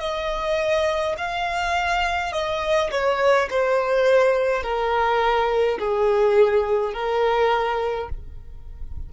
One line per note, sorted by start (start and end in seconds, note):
0.00 1.15 D#5
1.18 2.33 F5
2.33 2.91 D#5
2.92 3.49 C#5
3.50 4.63 C5
4.63 5.78 A#4
5.79 6.94 G#4
6.94 8.09 A#4